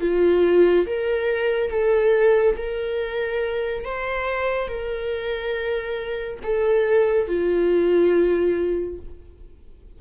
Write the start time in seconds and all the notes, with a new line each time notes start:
0.00 F4
0.86 A#4
1.70 A4
2.56 A#4
3.85 C5
4.68 A#4
6.43 A4
7.27 F4